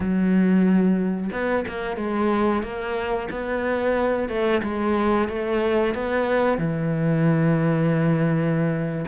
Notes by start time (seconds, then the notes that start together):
0.00 F#3
1.32 B3
1.68 A#3
1.96 G#3
2.63 A#3
3.30 B3
4.28 A3
4.62 G#3
5.28 A3
5.94 B3
6.58 E3